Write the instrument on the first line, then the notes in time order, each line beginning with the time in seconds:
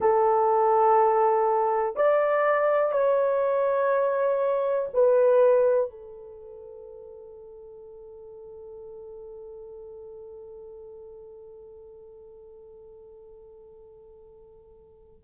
horn
0.00 A4
1.95 D5
2.92 C#5
4.93 B4
5.90 A4